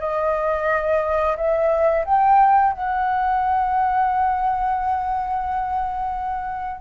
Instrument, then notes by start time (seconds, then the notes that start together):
flute
0.00 D#5
1.37 E5
2.05 G5
2.73 F#5